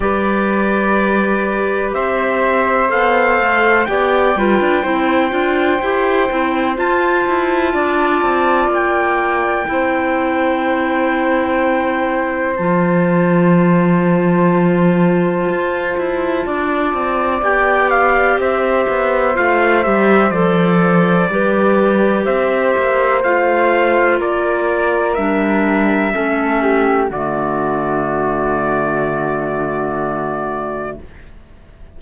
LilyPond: <<
  \new Staff \with { instrumentName = "trumpet" } { \time 4/4 \tempo 4 = 62 d''2 e''4 f''4 | g''2. a''4~ | a''4 g''2.~ | g''4 a''2.~ |
a''2 g''8 f''8 e''4 | f''8 e''8 d''2 e''4 | f''4 d''4 e''2 | d''1 | }
  \new Staff \with { instrumentName = "flute" } { \time 4/4 b'2 c''2 | d''8 b'8 c''2. | d''2 c''2~ | c''1~ |
c''4 d''2 c''4~ | c''2 b'4 c''4~ | c''4 ais'2 a'8 g'8 | fis'1 | }
  \new Staff \with { instrumentName = "clarinet" } { \time 4/4 g'2. a'4 | g'8 f'8 e'8 f'8 g'8 e'8 f'4~ | f'2 e'2~ | e'4 f'2.~ |
f'2 g'2 | f'8 g'8 a'4 g'2 | f'2 d'4 cis'4 | a1 | }
  \new Staff \with { instrumentName = "cello" } { \time 4/4 g2 c'4 b8 a8 | b8 g16 d'16 c'8 d'8 e'8 c'8 f'8 e'8 | d'8 c'8 ais4 c'2~ | c'4 f2. |
f'8 e'8 d'8 c'8 b4 c'8 b8 | a8 g8 f4 g4 c'8 ais8 | a4 ais4 g4 a4 | d1 | }
>>